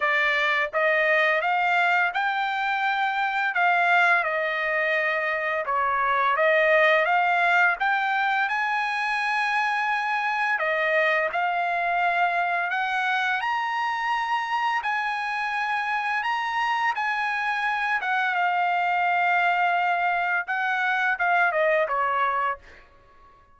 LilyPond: \new Staff \with { instrumentName = "trumpet" } { \time 4/4 \tempo 4 = 85 d''4 dis''4 f''4 g''4~ | g''4 f''4 dis''2 | cis''4 dis''4 f''4 g''4 | gis''2. dis''4 |
f''2 fis''4 ais''4~ | ais''4 gis''2 ais''4 | gis''4. fis''8 f''2~ | f''4 fis''4 f''8 dis''8 cis''4 | }